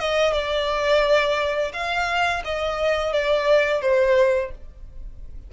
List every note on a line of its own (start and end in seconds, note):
0.00 0.33 D#5
0.33 1.73 D5
1.73 2.43 F5
2.45 3.13 D#5
3.13 3.82 D5
3.82 4.51 C5